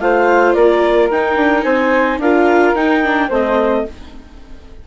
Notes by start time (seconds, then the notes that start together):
0.00 A3 F4 C5 F5
0.53 A#3 A#4 D5
1.11 D#4 G5
1.36 D4
1.63 C4 C5 G#5
2.18 D4 F4 A#4 F5
2.74 D#4 G5
3.04 D4
3.29 A3 C4 C5 D#5